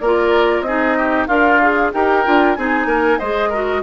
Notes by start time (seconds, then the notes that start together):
0.00 A#3 F4 A#4 D5
0.61 C4 D#4 G#4 D#5
0.98 G4
1.27 D4 F4 A#4 F5
1.62 G#4
1.94 D#4 G4 A#4 G5
2.25 D4 F4
2.55 C4 D#4 G#4 G#5
2.86 A#3 A#4
3.19 G#3 G#4 C5 D#5
3.49 F#4 A#4